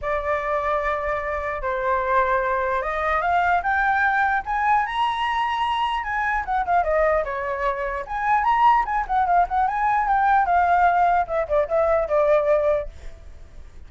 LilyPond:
\new Staff \with { instrumentName = "flute" } { \time 4/4 \tempo 4 = 149 d''1 | c''2. dis''4 | f''4 g''2 gis''4 | ais''2. gis''4 |
fis''8 f''8 dis''4 cis''2 | gis''4 ais''4 gis''8 fis''8 f''8 fis''8 | gis''4 g''4 f''2 | e''8 d''8 e''4 d''2 | }